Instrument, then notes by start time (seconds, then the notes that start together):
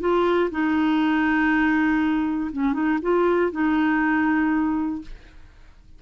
clarinet
0.00 F4
0.50 D#4
2.52 C#4
2.73 D#4
3.02 F4
3.52 D#4